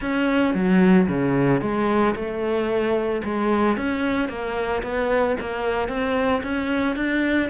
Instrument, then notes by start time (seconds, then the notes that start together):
cello
0.01 C#4
0.54 F#3
1.08 C#3
1.61 G#3
2.15 A3
3.23 G#3
3.76 C#4
4.28 A#3
4.83 B3
5.40 A#3
5.88 C4
6.43 C#4
6.95 D4